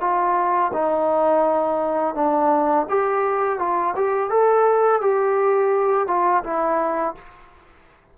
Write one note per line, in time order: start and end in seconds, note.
0.00 0.71 F4
0.73 2.15 D#4
2.15 2.86 D4
2.89 3.59 G4
3.59 3.94 F4
3.96 4.30 G4
4.30 5.01 A4
5.01 6.07 G4
6.07 6.43 F4
6.43 7.15 E4